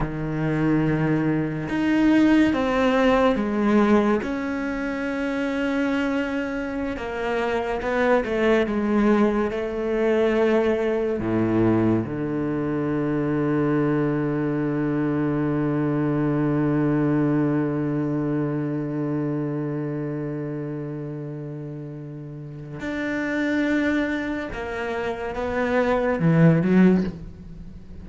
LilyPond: \new Staff \with { instrumentName = "cello" } { \time 4/4 \tempo 4 = 71 dis2 dis'4 c'4 | gis4 cis'2.~ | cis'16 ais4 b8 a8 gis4 a8.~ | a4~ a16 a,4 d4.~ d16~ |
d1~ | d1~ | d2. d'4~ | d'4 ais4 b4 e8 fis8 | }